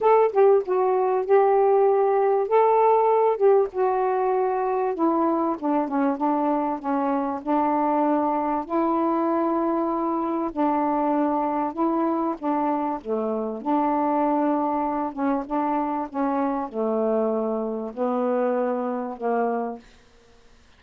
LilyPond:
\new Staff \with { instrumentName = "saxophone" } { \time 4/4 \tempo 4 = 97 a'8 g'8 fis'4 g'2 | a'4. g'8 fis'2 | e'4 d'8 cis'8 d'4 cis'4 | d'2 e'2~ |
e'4 d'2 e'4 | d'4 a4 d'2~ | d'8 cis'8 d'4 cis'4 a4~ | a4 b2 ais4 | }